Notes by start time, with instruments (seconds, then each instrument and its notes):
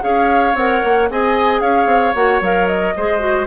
0.00 bassoon C#4, clarinet G#4, oboe C#5, flute F5
0.54 bassoon C4, clarinet A#4, flute F#5
0.84 bassoon A#3
1.10 bassoon C4, clarinet G#4, oboe D#5, flute G#5
1.61 bassoon C#4, oboe C#5, flute F5
1.86 bassoon C4
2.15 bassoon A#3, clarinet F#4, flute F#5
2.41 bassoon F#3, clarinet A#4, flute F5
2.67 flute D#5
2.96 bassoon G#3, clarinet G#4, oboe C5
3.19 clarinet F#4